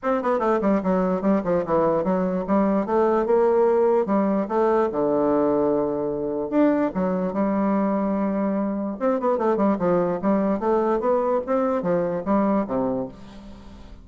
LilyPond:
\new Staff \with { instrumentName = "bassoon" } { \time 4/4 \tempo 4 = 147 c'8 b8 a8 g8 fis4 g8 f8 | e4 fis4 g4 a4 | ais2 g4 a4 | d1 |
d'4 fis4 g2~ | g2 c'8 b8 a8 g8 | f4 g4 a4 b4 | c'4 f4 g4 c4 | }